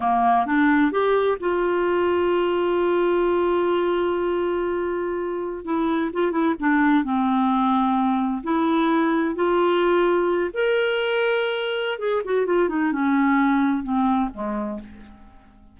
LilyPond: \new Staff \with { instrumentName = "clarinet" } { \time 4/4 \tempo 4 = 130 ais4 d'4 g'4 f'4~ | f'1~ | f'1~ | f'16 e'4 f'8 e'8 d'4 c'8.~ |
c'2~ c'16 e'4.~ e'16~ | e'16 f'2~ f'8 ais'4~ ais'16~ | ais'2 gis'8 fis'8 f'8 dis'8 | cis'2 c'4 gis4 | }